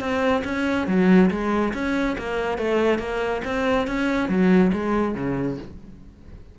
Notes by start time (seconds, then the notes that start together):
0.00 C4
0.44 C#4
0.87 F#3
1.30 G#3
1.74 C#4
2.18 A#3
2.58 A3
2.99 A#3
3.44 C4
3.87 C#4
4.29 F#3
4.73 G#3
5.15 C#3